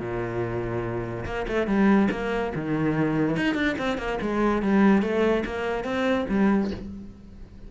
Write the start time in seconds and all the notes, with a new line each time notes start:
0.00 A#2
1.26 A#3
1.48 A3
1.67 G3
2.11 A#3
2.55 D#3
3.37 D#4
3.55 D4
3.78 C4
3.98 A#3
4.21 G#3
4.62 G3
5.02 A3
5.45 A#3
5.84 C4
6.29 G3